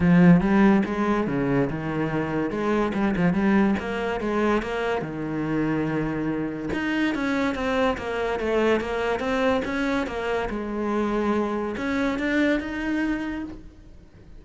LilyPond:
\new Staff \with { instrumentName = "cello" } { \time 4/4 \tempo 4 = 143 f4 g4 gis4 cis4 | dis2 gis4 g8 f8 | g4 ais4 gis4 ais4 | dis1 |
dis'4 cis'4 c'4 ais4 | a4 ais4 c'4 cis'4 | ais4 gis2. | cis'4 d'4 dis'2 | }